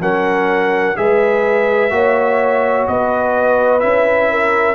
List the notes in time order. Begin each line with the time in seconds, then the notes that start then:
0.00 F#3 C#4 A#4 F#5
0.96 G#3 G#4 B4 E5
1.90 A#3 F#4 C#5
2.87 B3 B4 D#5
3.80 C#4 E4 E5
4.31 A#4